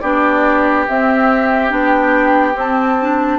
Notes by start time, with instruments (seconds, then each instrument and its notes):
0.00 bassoon B3, clarinet D4, oboe G4, flute D5
0.88 clarinet C4, bassoon C4, flute E5
1.69 bassoon B3, clarinet D4, flute G5
2.54 clarinet C4, bassoon C4, flute A5
3.01 clarinet D4